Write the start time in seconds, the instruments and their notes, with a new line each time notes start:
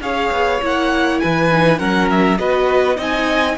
0.00 cello C#4, viola G#4, violin C#5 F5
0.31 cello B3
0.61 cello A#3, viola E4, violin F#5
1.19 cello E3, violin B4 G#5
1.51 viola D#4
1.78 cello F#3, viola C#4, violin A#4 F#5
2.10 violin E5
2.38 cello B3, viola F#4, violin B4 D#5
2.96 cello C4, viola D#4, violin D#5 G#5